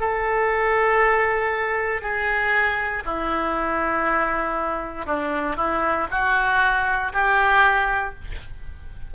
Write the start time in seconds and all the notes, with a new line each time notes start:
0.00 A4
2.02 G#4
3.05 E4
5.06 D4
5.57 E4
6.11 F#4
7.13 G4